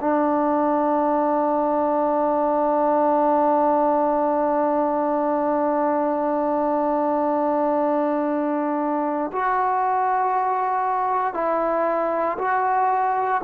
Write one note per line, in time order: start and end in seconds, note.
0.00 9.31 D4
9.32 11.34 F#4
11.34 12.37 E4
12.38 13.41 F#4